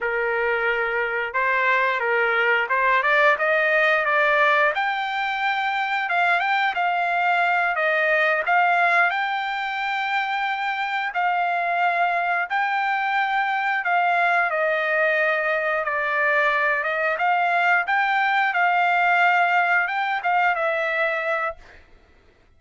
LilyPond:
\new Staff \with { instrumentName = "trumpet" } { \time 4/4 \tempo 4 = 89 ais'2 c''4 ais'4 | c''8 d''8 dis''4 d''4 g''4~ | g''4 f''8 g''8 f''4. dis''8~ | dis''8 f''4 g''2~ g''8~ |
g''8 f''2 g''4.~ | g''8 f''4 dis''2 d''8~ | d''4 dis''8 f''4 g''4 f''8~ | f''4. g''8 f''8 e''4. | }